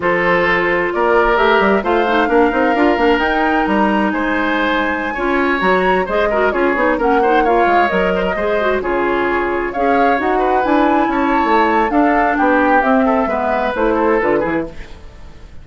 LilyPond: <<
  \new Staff \with { instrumentName = "flute" } { \time 4/4 \tempo 4 = 131 c''2 d''4 e''4 | f''2. g''4 | ais''4 gis''2.~ | gis''16 ais''4 dis''4 cis''4 fis''8.~ |
fis''16 f''4 dis''2 cis''8.~ | cis''4~ cis''16 f''4 fis''4 gis''8.~ | gis''16 a''4.~ a''16 f''4 g''4 | e''2 c''4 b'4 | }
  \new Staff \with { instrumentName = "oboe" } { \time 4/4 a'2 ais'2 | c''4 ais'2.~ | ais'4 c''2~ c''16 cis''8.~ | cis''4~ cis''16 c''8 ais'8 gis'4 ais'8 c''16~ |
c''16 cis''4. c''16 ais'16 c''4 gis'8.~ | gis'4~ gis'16 cis''4. b'4~ b'16~ | b'16 cis''4.~ cis''16 a'4 g'4~ | g'8 a'8 b'4. a'4 gis'8 | }
  \new Staff \with { instrumentName = "clarinet" } { \time 4/4 f'2. g'4 | f'8 dis'8 d'8 dis'8 f'8 d'8 dis'4~ | dis'2.~ dis'16 f'8.~ | f'16 fis'4 gis'8 fis'8 f'8 dis'8 cis'8 dis'16~ |
dis'16 f'4 ais'4 gis'8 fis'8 f'8.~ | f'4~ f'16 gis'4 fis'4 e'8.~ | e'2 d'2 | c'4 b4 e'4 f'8 e'8 | }
  \new Staff \with { instrumentName = "bassoon" } { \time 4/4 f2 ais4 a8 g8 | a4 ais8 c'8 d'8 ais8 dis'4 | g4 gis2~ gis16 cis'8.~ | cis'16 fis4 gis4 cis'8 b8 ais8.~ |
ais8. gis8 fis4 gis4 cis8.~ | cis4~ cis16 cis'4 dis'4 d'8.~ | d'16 cis'8. a4 d'4 b4 | c'4 gis4 a4 d8 e8 | }
>>